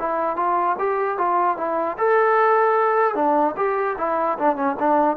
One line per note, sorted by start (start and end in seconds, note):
0.00 0.37 E4
0.37 0.77 F4
0.79 1.18 G4
1.18 1.57 F4
1.57 1.97 E4
1.98 3.16 A4
3.16 3.56 D4
3.57 3.97 G4
3.98 4.38 E4
4.39 4.56 D4
4.56 4.76 C#4
4.80 5.17 D4